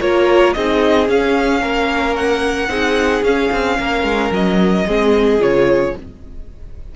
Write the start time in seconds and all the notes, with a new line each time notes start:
0.00 A#3 F4 A#4 C#5
0.53 C4 D#4 G#4 D#5
1.06 C#4 F5
1.61 A#3 A#4
2.15 F#5
2.68 C4 D#4 G#4
3.22 C#4 F5
3.51 C4
3.78 A#3 A#4
4.03 G#3
4.31 F#3 D#5
4.86 G#3 C4 G#4
5.39 C#3 F4 C#5